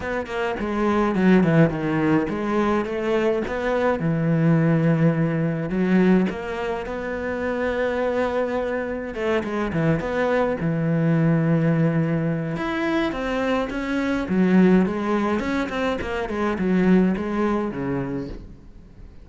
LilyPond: \new Staff \with { instrumentName = "cello" } { \time 4/4 \tempo 4 = 105 b8 ais8 gis4 fis8 e8 dis4 | gis4 a4 b4 e4~ | e2 fis4 ais4 | b1 |
a8 gis8 e8 b4 e4.~ | e2 e'4 c'4 | cis'4 fis4 gis4 cis'8 c'8 | ais8 gis8 fis4 gis4 cis4 | }